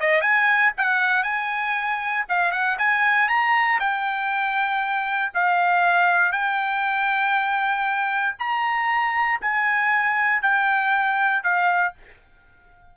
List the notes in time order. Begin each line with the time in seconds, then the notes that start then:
0.00 D#5
0.21 G#5
0.77 F#5
1.24 G#5
2.29 F5
2.52 F#5
2.79 G#5
3.29 A#5
3.80 G5
5.34 F5
6.32 G5
8.39 A#5
9.41 G#5
10.42 G5
11.43 F5